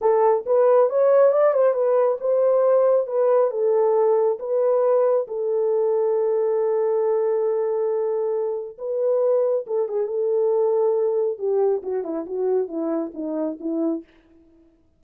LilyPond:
\new Staff \with { instrumentName = "horn" } { \time 4/4 \tempo 4 = 137 a'4 b'4 cis''4 d''8 c''8 | b'4 c''2 b'4 | a'2 b'2 | a'1~ |
a'1 | b'2 a'8 gis'8 a'4~ | a'2 g'4 fis'8 e'8 | fis'4 e'4 dis'4 e'4 | }